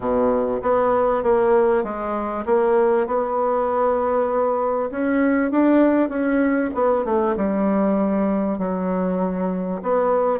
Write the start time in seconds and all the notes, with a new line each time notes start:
0.00 B2
0.62 B3
1.23 A#3
1.83 G#3
2.45 A#3
3.06 B3
4.90 C#4
5.51 D4
6.09 C#4
6.74 B3
7.04 A3
7.36 G3
8.58 F#3
9.82 B3